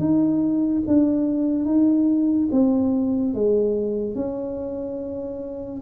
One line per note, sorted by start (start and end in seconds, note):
0.00 0.83 D#4
0.87 1.66 D4
1.66 2.49 D#4
2.52 3.34 C4
3.34 4.16 G#3
4.16 5.82 C#4